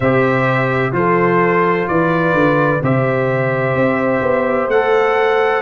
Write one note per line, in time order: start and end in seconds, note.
0.00 0.92 C3
0.00 0.92 G4
0.00 0.91 C5
0.00 0.93 E5
0.92 1.86 F3
0.92 2.79 F4
0.92 1.90 A4
0.92 1.88 C5
1.88 2.33 E3
1.88 2.83 B4
1.88 2.81 D5
2.33 2.80 D3
2.82 3.74 C3
2.82 4.71 G4
2.82 5.62 C5
2.82 4.70 E5
3.74 4.21 C4
4.21 4.67 B3
4.67 5.61 A3
4.67 5.62 A4
4.67 5.62 F#5